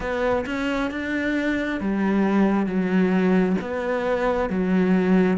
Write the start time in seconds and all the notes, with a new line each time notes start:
0.00 B3
0.46 C#4
0.90 D4
1.80 G3
2.66 F#3
3.61 B3
4.49 F#3